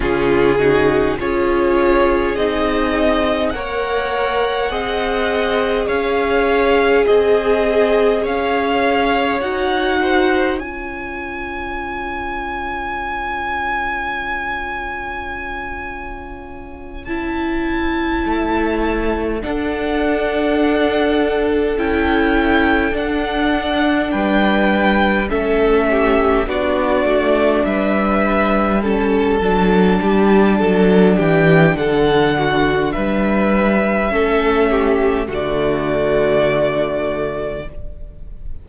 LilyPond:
<<
  \new Staff \with { instrumentName = "violin" } { \time 4/4 \tempo 4 = 51 gis'4 cis''4 dis''4 fis''4~ | fis''4 f''4 dis''4 f''4 | fis''4 gis''2.~ | gis''2~ gis''8 a''4.~ |
a''8 fis''2 g''4 fis''8~ | fis''8 g''4 e''4 d''4 e''8~ | e''8 a''2 g''8 fis''4 | e''2 d''2 | }
  \new Staff \with { instrumentName = "violin" } { \time 4/4 f'8 fis'8 gis'2 cis''4 | dis''4 cis''4 gis'4 cis''4~ | cis''8 c''8 cis''2.~ | cis''1~ |
cis''8 a'2.~ a'8~ | a'8 b'4 a'8 g'8 fis'4 b'8~ | b'8 a'4 g'8 a'8 g'8 a'8 fis'8 | b'4 a'8 g'8 fis'2 | }
  \new Staff \with { instrumentName = "viola" } { \time 4/4 cis'8 dis'8 f'4 dis'4 ais'4 | gis'1 | fis'4 f'2.~ | f'2~ f'8 e'4.~ |
e'8 d'2 e'4 d'8~ | d'4. cis'4 d'4.~ | d'8 cis'8 d'2.~ | d'4 cis'4 a2 | }
  \new Staff \with { instrumentName = "cello" } { \time 4/4 cis4 cis'4 c'4 ais4 | c'4 cis'4 c'4 cis'4 | dis'4 cis'2.~ | cis'2.~ cis'8 a8~ |
a8 d'2 cis'4 d'8~ | d'8 g4 a4 b8 a8 g8~ | g4 fis8 g8 fis8 e8 d4 | g4 a4 d2 | }
>>